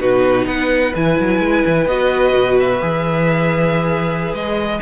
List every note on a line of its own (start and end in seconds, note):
0.00 0.46 B2
0.00 0.94 D#4
0.00 0.47 F#4
0.00 0.47 B4
0.46 0.93 B3
0.46 4.80 B4
0.46 0.94 F#5
0.96 1.19 E3
0.96 1.89 E4
0.96 1.87 G#5
1.20 1.40 F#3
1.40 1.63 G#3
1.66 1.86 E3
1.86 2.33 B3
1.86 2.81 F#4
1.86 2.58 D#5
2.33 2.80 B2
2.60 4.35 E5
2.81 4.33 E3
2.81 4.81 G#4
4.33 4.80 G#3
4.33 4.82 D#5